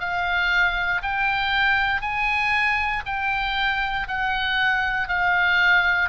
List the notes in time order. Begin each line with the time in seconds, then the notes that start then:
0.00 F5
1.02 G5
2.02 G#5
3.06 G5
4.08 F#5
5.08 F5